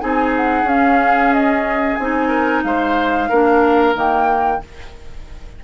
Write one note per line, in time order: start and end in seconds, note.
0.00 0.64 C4
0.00 0.66 D#4
0.00 2.28 G#4
0.00 0.33 G#5
0.37 0.69 F#5
0.64 1.95 C#4
0.64 1.99 C#4
0.64 1.34 F5
1.34 1.96 D#5
1.96 2.64 C4
1.96 3.31 D#4
1.96 2.62 G#5
2.28 2.61 A#4
2.64 3.30 G#3
2.64 3.29 C5
2.64 3.96 F5
3.29 3.95 A#3
3.29 3.95 D4
3.29 4.61 A#4
3.95 4.61 D#3
3.95 4.60 A#3
3.95 4.64 G5